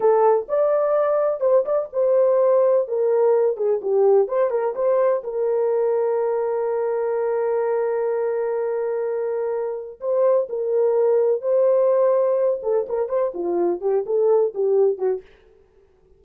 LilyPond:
\new Staff \with { instrumentName = "horn" } { \time 4/4 \tempo 4 = 126 a'4 d''2 c''8 d''8 | c''2 ais'4. gis'8 | g'4 c''8 ais'8 c''4 ais'4~ | ais'1~ |
ais'1~ | ais'4 c''4 ais'2 | c''2~ c''8 a'8 ais'8 c''8 | f'4 g'8 a'4 g'4 fis'8 | }